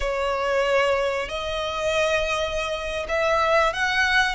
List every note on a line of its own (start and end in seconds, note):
0.00 1.28 C#5
1.28 3.06 D#5
3.08 3.73 E5
3.73 4.35 F#5